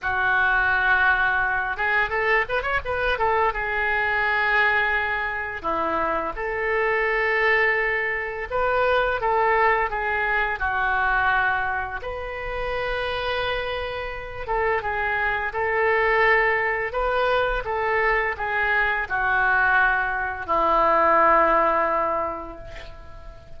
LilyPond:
\new Staff \with { instrumentName = "oboe" } { \time 4/4 \tempo 4 = 85 fis'2~ fis'8 gis'8 a'8 b'16 cis''16 | b'8 a'8 gis'2. | e'4 a'2. | b'4 a'4 gis'4 fis'4~ |
fis'4 b'2.~ | b'8 a'8 gis'4 a'2 | b'4 a'4 gis'4 fis'4~ | fis'4 e'2. | }